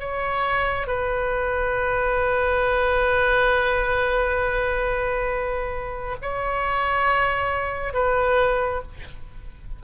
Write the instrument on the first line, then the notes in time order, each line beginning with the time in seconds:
oboe
0.00 C#5
0.87 B4
6.22 C#5
7.94 B4